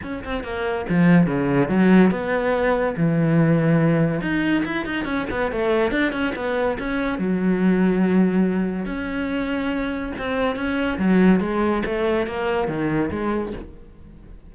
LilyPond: \new Staff \with { instrumentName = "cello" } { \time 4/4 \tempo 4 = 142 cis'8 c'8 ais4 f4 cis4 | fis4 b2 e4~ | e2 dis'4 e'8 dis'8 | cis'8 b8 a4 d'8 cis'8 b4 |
cis'4 fis2.~ | fis4 cis'2. | c'4 cis'4 fis4 gis4 | a4 ais4 dis4 gis4 | }